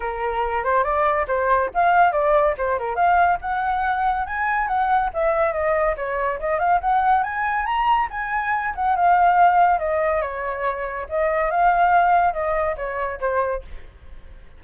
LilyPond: \new Staff \with { instrumentName = "flute" } { \time 4/4 \tempo 4 = 141 ais'4. c''8 d''4 c''4 | f''4 d''4 c''8 ais'8 f''4 | fis''2 gis''4 fis''4 | e''4 dis''4 cis''4 dis''8 f''8 |
fis''4 gis''4 ais''4 gis''4~ | gis''8 fis''8 f''2 dis''4 | cis''2 dis''4 f''4~ | f''4 dis''4 cis''4 c''4 | }